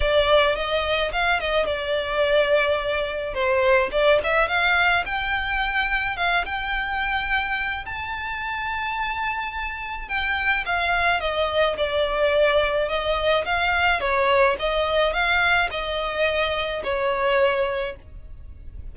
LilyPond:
\new Staff \with { instrumentName = "violin" } { \time 4/4 \tempo 4 = 107 d''4 dis''4 f''8 dis''8 d''4~ | d''2 c''4 d''8 e''8 | f''4 g''2 f''8 g''8~ | g''2 a''2~ |
a''2 g''4 f''4 | dis''4 d''2 dis''4 | f''4 cis''4 dis''4 f''4 | dis''2 cis''2 | }